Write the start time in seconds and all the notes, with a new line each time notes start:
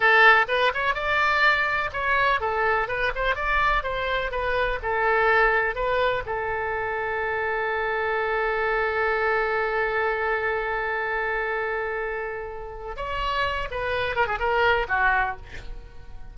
0.00 A4
0.48 B4
0.74 C#5
0.94 D5
1.92 C#5
2.40 A4
2.88 B4
3.15 C5
3.35 D5
3.83 C5
4.31 B4
4.82 A4
5.75 B4
6.26 A4
12.96 C#5
13.71 B4
14.15 A#4
14.26 G#4
14.39 A#4
14.88 F#4